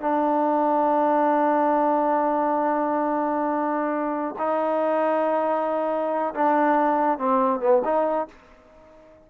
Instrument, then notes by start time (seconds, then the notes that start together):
trombone
0.00 D4
4.38 D#4
6.34 D4
7.18 C4
7.60 B3
7.84 D#4